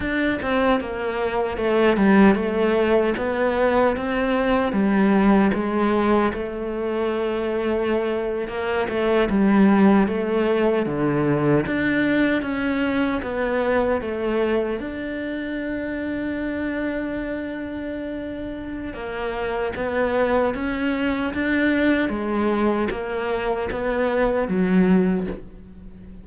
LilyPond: \new Staff \with { instrumentName = "cello" } { \time 4/4 \tempo 4 = 76 d'8 c'8 ais4 a8 g8 a4 | b4 c'4 g4 gis4 | a2~ a8. ais8 a8 g16~ | g8. a4 d4 d'4 cis'16~ |
cis'8. b4 a4 d'4~ d'16~ | d'1 | ais4 b4 cis'4 d'4 | gis4 ais4 b4 fis4 | }